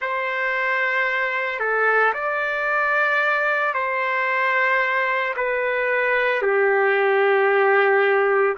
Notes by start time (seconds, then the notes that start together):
0.00 C5
1.59 A4
2.13 D5
3.74 C5
5.36 B4
6.42 G4